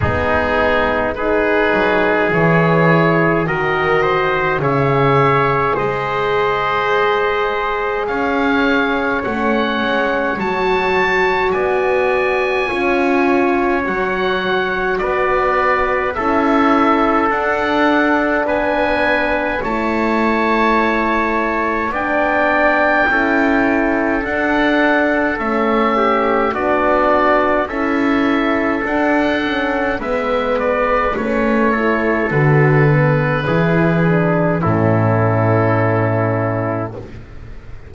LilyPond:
<<
  \new Staff \with { instrumentName = "oboe" } { \time 4/4 \tempo 4 = 52 gis'4 b'4 cis''4 dis''4 | e''4 dis''2 f''4 | fis''4 a''4 gis''2 | fis''4 d''4 e''4 fis''4 |
gis''4 a''2 g''4~ | g''4 fis''4 e''4 d''4 | e''4 fis''4 e''8 d''8 cis''4 | b'2 a'2 | }
  \new Staff \with { instrumentName = "trumpet" } { \time 4/4 dis'4 gis'2 ais'8 c''8 | cis''4 c''2 cis''4~ | cis''2 d''4 cis''4~ | cis''4 b'4 a'2 |
b'4 cis''2 d''4 | a'2~ a'8 g'8 fis'4 | a'2 b'4. a'8~ | a'4 gis'4 e'2 | }
  \new Staff \with { instrumentName = "horn" } { \time 4/4 b4 dis'4 e'4 fis'4 | gis'1 | cis'4 fis'2 f'4 | fis'2 e'4 d'4~ |
d'4 e'2 d'4 | e'4 d'4 cis'4 d'4 | e'4 d'8 cis'8 b4 cis'8 e'8 | fis'8 b8 e'8 d'8 cis'2 | }
  \new Staff \with { instrumentName = "double bass" } { \time 4/4 gis4. fis8 e4 dis4 | cis4 gis2 cis'4 | a8 gis8 fis4 b4 cis'4 | fis4 b4 cis'4 d'4 |
b4 a2 b4 | cis'4 d'4 a4 b4 | cis'4 d'4 gis4 a4 | d4 e4 a,2 | }
>>